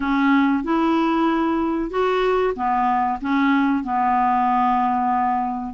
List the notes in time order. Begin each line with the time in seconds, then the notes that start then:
0.00 C#4
0.63 E4
1.90 F#4
2.55 B3
3.21 C#4
3.83 B3